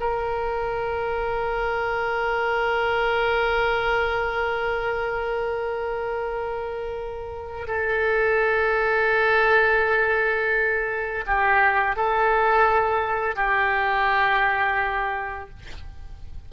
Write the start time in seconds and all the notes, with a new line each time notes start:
0.00 A#4
7.67 A4
11.26 G4
11.96 A4
13.35 G4